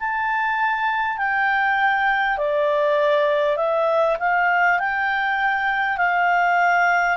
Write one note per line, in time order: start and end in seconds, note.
0.00 1.18 A5
1.18 2.38 G5
2.38 3.57 D5
3.57 4.17 E5
4.19 4.79 F5
4.80 5.98 G5
5.98 7.18 F5